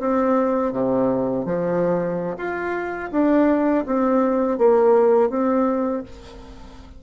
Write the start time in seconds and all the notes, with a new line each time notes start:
0.00 C4
0.73 C3
1.45 F3
2.37 F4
3.12 D4
3.86 C4
4.58 A#3
5.29 C4